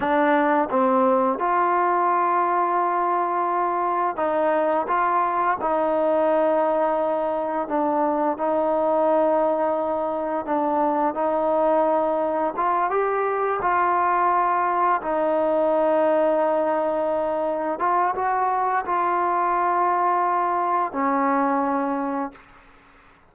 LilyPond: \new Staff \with { instrumentName = "trombone" } { \time 4/4 \tempo 4 = 86 d'4 c'4 f'2~ | f'2 dis'4 f'4 | dis'2. d'4 | dis'2. d'4 |
dis'2 f'8 g'4 f'8~ | f'4. dis'2~ dis'8~ | dis'4. f'8 fis'4 f'4~ | f'2 cis'2 | }